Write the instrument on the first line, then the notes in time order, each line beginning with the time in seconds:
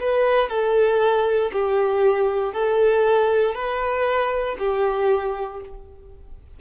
violin
0.00 B4
0.49 A4
1.52 G4
2.53 A4
3.55 B4
4.59 G4